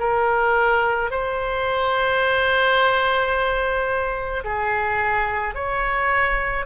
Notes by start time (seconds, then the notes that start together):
0.00 A#4
1.11 C5
4.44 G#4
5.55 C#5